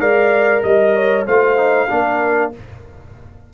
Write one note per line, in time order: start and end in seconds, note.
0.00 0.63 G#3
0.00 1.25 A#4
0.00 0.63 D5
0.00 0.62 F5
0.63 1.26 G3
0.63 1.26 D#5
0.63 0.96 D#5
0.96 1.27 C#5
1.27 1.89 A3
1.27 1.57 F4
1.27 1.89 C5
1.27 2.52 F5
1.57 1.88 D#4
1.90 2.53 A#3
1.90 2.52 D4
1.90 2.53 A#4